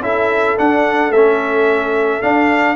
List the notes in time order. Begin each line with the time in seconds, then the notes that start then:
0.00 C#4 E4 A4 E5
0.57 D4 F#5
1.10 A3 C#4 E5
2.22 D4 F5